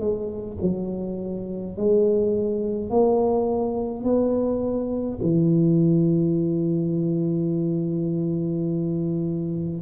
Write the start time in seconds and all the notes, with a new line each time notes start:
0.00 G#3
0.61 F#3
1.77 G#3
2.90 A#3
4.03 B3
5.22 E3